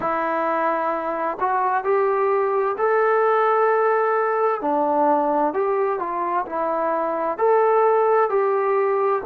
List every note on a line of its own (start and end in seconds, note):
0.00 1.38 E4
1.39 1.83 F#4
1.83 2.76 G4
2.78 4.61 A4
4.61 5.53 D4
5.53 5.99 G4
5.99 6.45 F4
6.46 7.38 E4
7.38 8.29 A4
8.29 9.21 G4